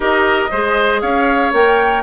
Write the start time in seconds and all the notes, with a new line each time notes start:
0.00 D#4 G4 A#4 D#5
0.50 G#3 G#4 C5
1.01 C#4 C#5 F5
1.52 A#3 A#4 G5